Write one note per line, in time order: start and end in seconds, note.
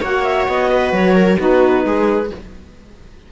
0.00 0.48 A#3
0.00 1.37 F#4
0.00 0.68 C#5
0.00 0.23 F#5
0.23 0.46 E5
0.48 0.92 B3
0.48 0.93 D#5
0.70 1.16 B4
0.92 1.37 F#3
0.92 1.38 C#5
1.16 1.38 A#4
1.37 1.85 B3
1.37 2.28 D#4
1.37 1.84 F#4
1.37 2.32 B4
1.85 2.30 G#3
1.85 2.31 G#4